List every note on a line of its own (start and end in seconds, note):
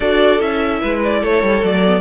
0.00 0.40 D4
0.00 0.39 F#4
0.00 0.80 A4
0.00 0.40 D5
0.39 0.81 C#4
0.39 1.61 E4
0.39 1.01 E5
0.80 1.23 G#3
0.80 1.21 B4
1.04 1.23 D5
1.21 1.42 A3
1.21 2.00 A4
1.21 1.64 C#5
1.42 1.62 G3
1.62 2.00 F#3
1.62 1.82 A3
1.62 2.00 D5
1.86 2.00 B3